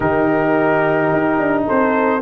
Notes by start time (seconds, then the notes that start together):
0.00 D#3 D#4 G4 A#4
1.12 D#4
1.39 D4
1.66 C4 A4 C5